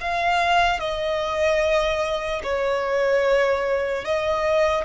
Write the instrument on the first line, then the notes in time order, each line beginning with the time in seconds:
violin
0.00 F5
0.80 D#5
2.43 C#5
4.04 D#5